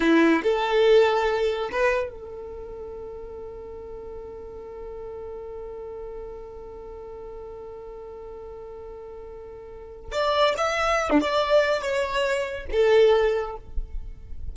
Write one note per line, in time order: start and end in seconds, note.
0.00 0.42 E4
0.43 1.70 A4
1.71 2.10 B4
2.10 10.12 A4
10.12 10.54 D5
10.57 11.10 E5
11.10 11.20 D4
11.20 11.81 D5
11.81 12.66 C#5
12.71 13.56 A4